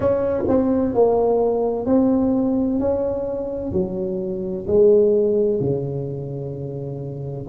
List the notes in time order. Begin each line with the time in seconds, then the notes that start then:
0.00 C#4
0.47 C4
0.94 A#3
1.85 C4
2.79 C#4
3.72 F#3
4.67 G#3
5.60 C#3